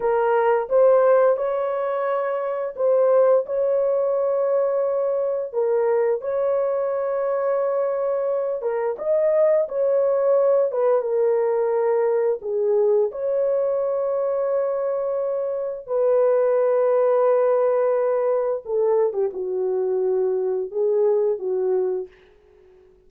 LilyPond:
\new Staff \with { instrumentName = "horn" } { \time 4/4 \tempo 4 = 87 ais'4 c''4 cis''2 | c''4 cis''2. | ais'4 cis''2.~ | cis''8 ais'8 dis''4 cis''4. b'8 |
ais'2 gis'4 cis''4~ | cis''2. b'4~ | b'2. a'8. g'16 | fis'2 gis'4 fis'4 | }